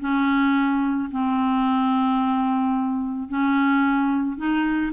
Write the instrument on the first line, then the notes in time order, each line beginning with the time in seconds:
clarinet
0.00 C#4
1.11 C4
3.29 C#4
4.37 D#4